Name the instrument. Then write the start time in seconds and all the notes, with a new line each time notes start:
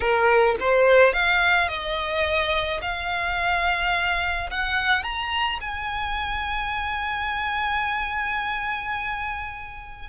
violin
0.00 A#4
0.60 C5
1.13 F5
1.68 D#5
2.81 F5
4.50 F#5
5.03 A#5
5.60 G#5